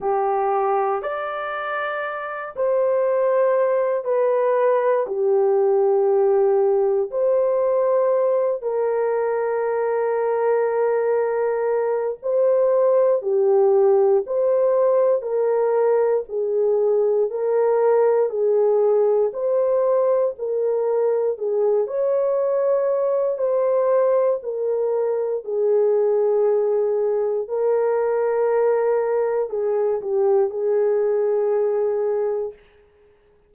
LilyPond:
\new Staff \with { instrumentName = "horn" } { \time 4/4 \tempo 4 = 59 g'4 d''4. c''4. | b'4 g'2 c''4~ | c''8 ais'2.~ ais'8 | c''4 g'4 c''4 ais'4 |
gis'4 ais'4 gis'4 c''4 | ais'4 gis'8 cis''4. c''4 | ais'4 gis'2 ais'4~ | ais'4 gis'8 g'8 gis'2 | }